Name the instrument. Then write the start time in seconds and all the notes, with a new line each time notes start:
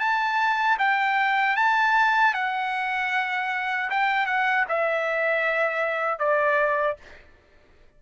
trumpet
0.00 A5
0.79 G5
1.57 A5
2.34 F#5
3.90 G5
4.26 F#5
4.69 E5
6.19 D5